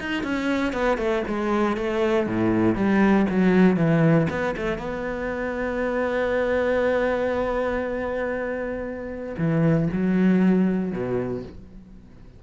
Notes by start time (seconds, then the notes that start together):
0.00 D#4
0.23 C#4
0.73 B3
0.98 A3
1.28 G#3
1.77 A3
2.27 A2
2.75 G3
3.30 F#3
3.76 E3
4.30 B3
4.57 A3
4.78 B3
9.38 E3
9.93 F#3
10.92 B2